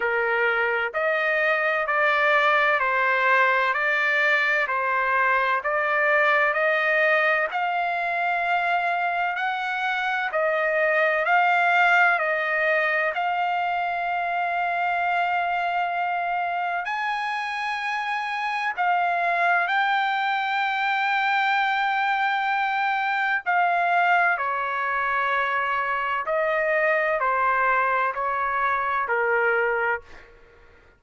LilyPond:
\new Staff \with { instrumentName = "trumpet" } { \time 4/4 \tempo 4 = 64 ais'4 dis''4 d''4 c''4 | d''4 c''4 d''4 dis''4 | f''2 fis''4 dis''4 | f''4 dis''4 f''2~ |
f''2 gis''2 | f''4 g''2.~ | g''4 f''4 cis''2 | dis''4 c''4 cis''4 ais'4 | }